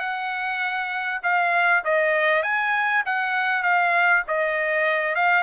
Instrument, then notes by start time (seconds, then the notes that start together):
trumpet
0.00 F#5
1.23 F5
1.85 D#5
2.43 G#5
3.06 F#5
3.63 F5
4.28 D#5
5.16 F5